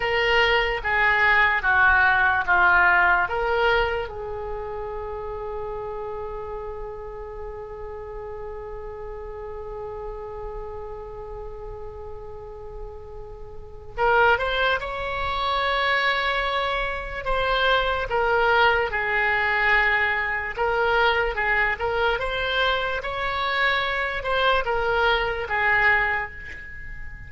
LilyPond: \new Staff \with { instrumentName = "oboe" } { \time 4/4 \tempo 4 = 73 ais'4 gis'4 fis'4 f'4 | ais'4 gis'2.~ | gis'1~ | gis'1~ |
gis'4 ais'8 c''8 cis''2~ | cis''4 c''4 ais'4 gis'4~ | gis'4 ais'4 gis'8 ais'8 c''4 | cis''4. c''8 ais'4 gis'4 | }